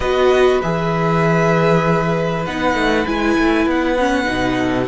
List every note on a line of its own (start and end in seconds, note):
0.00 0.60 B3
0.00 0.62 F#4
0.00 4.58 B4
0.00 0.60 D#5
0.62 2.46 E3
0.62 2.46 G#4
0.62 2.45 E5
2.45 2.74 B3
2.45 3.06 D#4
2.45 3.06 F#5
2.74 3.05 A3
3.06 3.37 G#3
3.06 3.98 E4
3.06 3.67 G#5
3.38 3.66 A3
3.66 4.27 B3
3.66 4.88 F#5
3.98 4.24 C#4
4.24 4.88 B2
4.24 4.85 D#4
4.58 4.88 A4